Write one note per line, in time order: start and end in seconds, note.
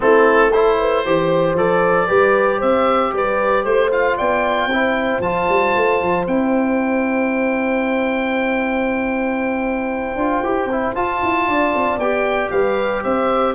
0.00 1.05 A3
0.00 0.52 C4
0.00 0.50 E4
0.00 0.52 A4
0.50 1.05 E4
0.50 0.77 A4
0.50 1.56 C5
0.79 1.03 B4
1.03 1.53 E3
1.03 1.57 G4
1.03 2.07 C5
1.53 2.06 F3
1.53 2.07 A4
1.53 2.61 D5
2.07 2.62 G3
2.07 3.90 G4
2.07 2.58 B4
2.58 3.12 C4
2.58 3.10 C5
2.58 3.13 E5
3.12 3.64 G3
3.12 3.66 B4
3.12 3.64 D5
3.64 4.16 A3
3.64 3.90 C5
3.64 4.17 C5
3.91 4.69 F4
3.91 4.17 F5
4.17 4.66 B3
4.17 4.69 D5
4.17 5.21 G5
4.66 5.18 C4
4.66 5.22 E4
4.66 11.48 C5
5.19 5.45 F3
5.19 6.27 F4
5.19 6.26 A5
5.48 5.75 G3
5.75 6.01 A3
6.01 6.27 F3
6.27 10.15 C4
6.27 10.18 E4
6.27 10.95 G5
10.15 10.41 D4
10.15 10.44 F4
10.43 10.65 E4
10.43 10.70 G4
10.65 10.91 C4
10.71 10.94 E4
10.94 11.99 F4
10.94 11.21 F4
10.94 11.99 A5
11.22 11.48 E4
11.48 11.74 D4
11.48 12.52 D5
11.74 11.97 C4
11.97 12.49 B3
11.97 13.54 G4
11.97 12.51 G5
12.51 13.03 G3
12.51 13.03 B4
12.51 13.03 F5
13.03 13.54 C4
13.03 13.54 C5
13.03 13.54 E5